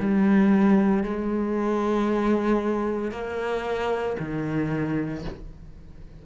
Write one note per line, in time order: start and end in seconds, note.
0.00 1.03 G3
1.03 3.11 G#3
3.11 4.17 A#3
4.20 5.25 D#3